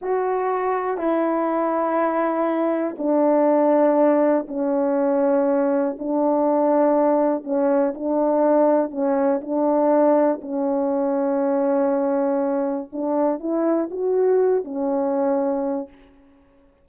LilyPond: \new Staff \with { instrumentName = "horn" } { \time 4/4 \tempo 4 = 121 fis'2 e'2~ | e'2 d'2~ | d'4 cis'2. | d'2. cis'4 |
d'2 cis'4 d'4~ | d'4 cis'2.~ | cis'2 d'4 e'4 | fis'4. cis'2~ cis'8 | }